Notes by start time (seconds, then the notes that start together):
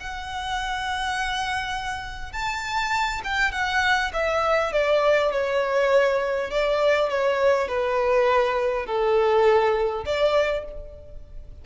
0.00 F#5
2.32 A5
3.24 G5
3.52 F#5
4.13 E5
4.73 D5
5.32 C#5
6.50 D5
7.09 C#5
7.68 B4
8.86 A4
10.06 D5